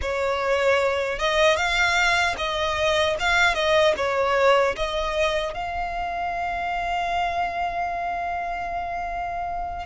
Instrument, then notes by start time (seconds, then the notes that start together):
violin
0.01 C#5
1.18 D#5
1.56 F5
2.37 D#5
3.19 F5
3.54 D#5
3.96 C#5
4.75 D#5
5.54 F5